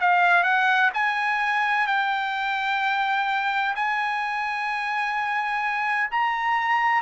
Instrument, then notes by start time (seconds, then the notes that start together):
trumpet
0.00 F5
0.43 F#5
0.93 G#5
1.87 G5
3.75 G#5
6.11 A#5